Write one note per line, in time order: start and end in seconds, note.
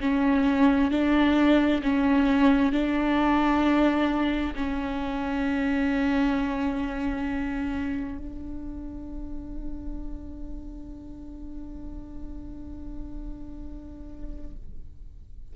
0.00 0.91 C#4
0.91 1.82 D4
1.83 2.72 C#4
2.72 4.54 D4
4.55 8.18 C#4
8.18 14.54 D4